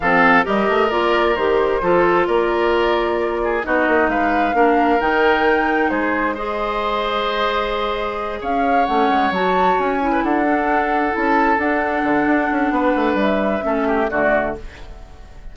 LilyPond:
<<
  \new Staff \with { instrumentName = "flute" } { \time 4/4 \tempo 4 = 132 f''4 dis''4 d''4 c''4~ | c''4 d''2. | dis''4 f''2 g''4~ | g''4 c''4 dis''2~ |
dis''2~ dis''8 f''4 fis''8~ | fis''8 a''4 gis''4 fis''4.~ | fis''8 a''4 fis''2~ fis''8~ | fis''4 e''2 d''4 | }
  \new Staff \with { instrumentName = "oboe" } { \time 4/4 a'4 ais'2. | a'4 ais'2~ ais'8 gis'8 | fis'4 b'4 ais'2~ | ais'4 gis'4 c''2~ |
c''2~ c''8 cis''4.~ | cis''2~ cis''16 b'16 a'4.~ | a'1 | b'2 a'8 g'8 fis'4 | }
  \new Staff \with { instrumentName = "clarinet" } { \time 4/4 c'4 g'4 f'4 g'4 | f'1 | dis'2 d'4 dis'4~ | dis'2 gis'2~ |
gis'2.~ gis'8 cis'8~ | cis'8 fis'4. e'4 d'4~ | d'8 e'4 d'2~ d'8~ | d'2 cis'4 a4 | }
  \new Staff \with { instrumentName = "bassoon" } { \time 4/4 f4 g8 a8 ais4 dis4 | f4 ais2. | b8 ais8 gis4 ais4 dis4~ | dis4 gis2.~ |
gis2~ gis8 cis'4 a8 | gis8 fis4 cis'4 d'4.~ | d'8 cis'4 d'4 d8 d'8 cis'8 | b8 a8 g4 a4 d4 | }
>>